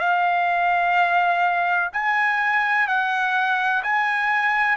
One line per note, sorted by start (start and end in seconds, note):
0.00 1.90 F5
1.93 2.88 G#5
2.88 3.83 F#5
3.84 4.77 G#5